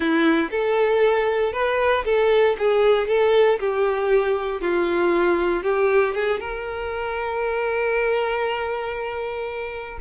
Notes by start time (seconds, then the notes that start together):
0.00 E4
0.50 A4
1.52 B4
2.05 A4
2.58 G#4
3.07 A4
3.59 G4
4.61 F4
5.63 G4
6.14 G#4
6.39 A#4